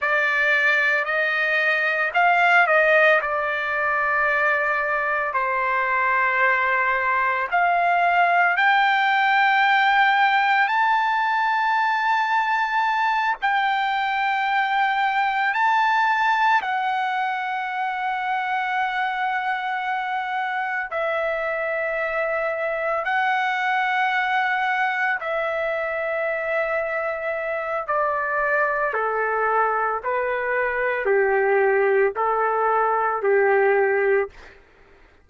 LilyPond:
\new Staff \with { instrumentName = "trumpet" } { \time 4/4 \tempo 4 = 56 d''4 dis''4 f''8 dis''8 d''4~ | d''4 c''2 f''4 | g''2 a''2~ | a''8 g''2 a''4 fis''8~ |
fis''2.~ fis''8 e''8~ | e''4. fis''2 e''8~ | e''2 d''4 a'4 | b'4 g'4 a'4 g'4 | }